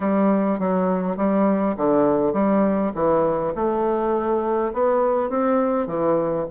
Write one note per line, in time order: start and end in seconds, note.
0.00 0.59 G3
0.59 1.16 F#3
1.16 1.75 G3
1.76 2.33 D3
2.33 2.92 G3
2.94 3.53 E3
3.55 4.72 A3
4.73 5.29 B3
5.29 5.86 C4
5.86 6.45 E3